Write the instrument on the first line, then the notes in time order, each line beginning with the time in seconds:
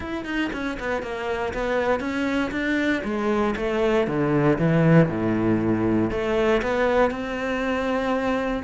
cello
0.00 E4
0.25 D#4
0.52 C#4
0.79 B3
1.02 A#3
1.53 B3
2.00 C#4
2.51 D4
3.04 G#3
3.56 A3
4.07 D3
4.58 E3
5.08 A2
6.10 A3
6.62 B3
7.10 C4